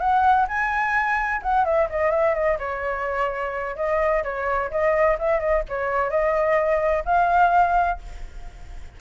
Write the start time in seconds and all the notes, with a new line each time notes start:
0.00 F#5
0.48 G#5
1.42 F#5
1.65 E5
1.89 D#5
2.11 E5
2.35 D#5
2.59 C#5
3.76 D#5
4.24 C#5
4.71 D#5
5.19 E5
5.39 D#5
5.69 C#5
6.10 D#5
7.05 F5